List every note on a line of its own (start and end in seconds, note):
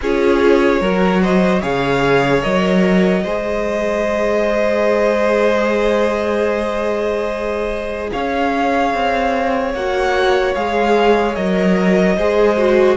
0.01 0.80 C#4
0.01 0.82 F4
0.01 0.81 G#4
0.01 1.22 C#5
0.80 1.61 F#3
0.80 1.61 F#4
0.80 1.21 A#4
1.21 1.61 C5
1.21 1.62 D#5
1.61 2.44 C#3
1.61 2.41 G#4
1.61 3.23 C#5
1.61 2.42 F5
2.41 3.24 F#3
2.41 3.22 A#4
2.41 8.10 D#5
3.23 8.11 G#3
3.23 9.75 G#4
3.23 8.09 C5
8.11 8.93 C#4
8.11 12.16 C#5
8.11 9.73 F5
8.93 9.73 C4
9.73 10.55 A#3
9.73 10.55 F#4
9.73 10.54 F#5
10.54 11.36 G#3
10.54 11.36 G#4
10.54 11.34 F5
11.34 12.16 F#3
11.34 12.17 A#4
11.34 12.96 D#5
12.16 12.96 G#3
12.16 12.57 G#4
12.16 12.96 C5
12.57 12.96 F#4